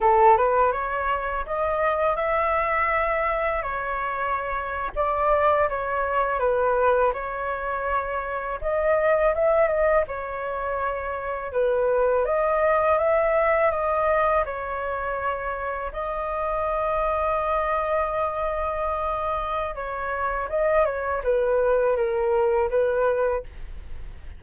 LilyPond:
\new Staff \with { instrumentName = "flute" } { \time 4/4 \tempo 4 = 82 a'8 b'8 cis''4 dis''4 e''4~ | e''4 cis''4.~ cis''16 d''4 cis''16~ | cis''8. b'4 cis''2 dis''16~ | dis''8. e''8 dis''8 cis''2 b'16~ |
b'8. dis''4 e''4 dis''4 cis''16~ | cis''4.~ cis''16 dis''2~ dis''16~ | dis''2. cis''4 | dis''8 cis''8 b'4 ais'4 b'4 | }